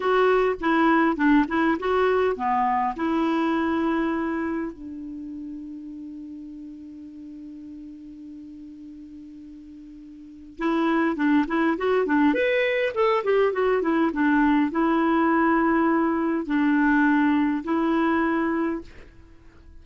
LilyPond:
\new Staff \with { instrumentName = "clarinet" } { \time 4/4 \tempo 4 = 102 fis'4 e'4 d'8 e'8 fis'4 | b4 e'2. | d'1~ | d'1~ |
d'2 e'4 d'8 e'8 | fis'8 d'8 b'4 a'8 g'8 fis'8 e'8 | d'4 e'2. | d'2 e'2 | }